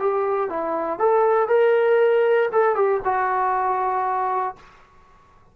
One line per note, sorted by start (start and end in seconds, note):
0.00 0.50 G4
0.50 0.99 E4
0.99 1.49 A4
1.49 2.50 A#4
2.53 2.76 A4
2.76 3.01 G4
3.05 4.56 F#4